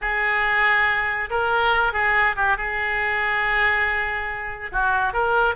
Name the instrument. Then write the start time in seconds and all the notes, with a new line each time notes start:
oboe
0.01 G#4
1.30 A#4
1.92 G#4
2.36 G4
2.57 G#4
4.71 F#4
5.13 A#4